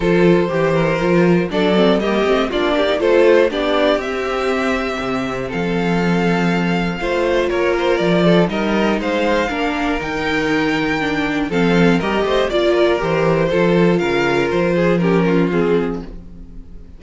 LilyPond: <<
  \new Staff \with { instrumentName = "violin" } { \time 4/4 \tempo 4 = 120 c''2. d''4 | dis''4 d''4 c''4 d''4 | e''2. f''4~ | f''2. cis''8 c''8 |
d''4 dis''4 f''2 | g''2. f''4 | dis''4 d''4 c''2 | f''4 c''4 ais'4 gis'4 | }
  \new Staff \with { instrumentName = "violin" } { \time 4/4 a'4 g'8 ais'4. a'4 | g'4 f'8 g'8 a'4 g'4~ | g'2. a'4~ | a'2 c''4 ais'4~ |
ais'8 a'8 ais'4 c''4 ais'4~ | ais'2. a'4 | ais'8 c''8 d''8 ais'4. a'4 | ais'4. gis'8 g'8 f'4. | }
  \new Staff \with { instrumentName = "viola" } { \time 4/4 f'4 g'4 f'4 d'8 c'8 | ais8 c'8 d'8. dis'16 f'4 d'4 | c'1~ | c'2 f'2~ |
f'4 dis'2 d'4 | dis'2 d'4 c'4 | g'4 f'4 g'4 f'4~ | f'2 cis'4 c'4 | }
  \new Staff \with { instrumentName = "cello" } { \time 4/4 f4 e4 f4 fis4 | g8 a8 ais4 a4 b4 | c'2 c4 f4~ | f2 a4 ais4 |
f4 g4 gis4 ais4 | dis2. f4 | g8 a8 ais4 e4 f4 | cis4 f2. | }
>>